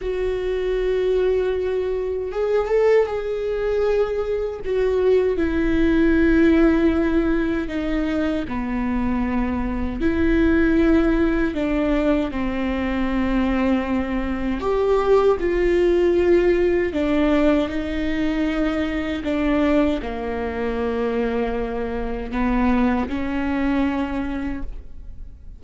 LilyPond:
\new Staff \with { instrumentName = "viola" } { \time 4/4 \tempo 4 = 78 fis'2. gis'8 a'8 | gis'2 fis'4 e'4~ | e'2 dis'4 b4~ | b4 e'2 d'4 |
c'2. g'4 | f'2 d'4 dis'4~ | dis'4 d'4 ais2~ | ais4 b4 cis'2 | }